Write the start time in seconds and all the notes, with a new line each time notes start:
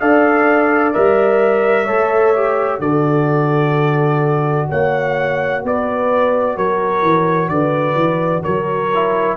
0.00 D4 A4 D5 F5
0.93 G3 A#4 E5
1.84 A3 A4 C#5
2.35 G4
2.79 D3 F#4 A4 D5
4.69 A#3 C#5 F#5
5.63 B3 B4 D5
6.56 F#3 A#4 C#5
7.02 E3
7.48 D3 B4 D5
7.95 E3
8.43 F#3 A#4 C#5
8.94 E4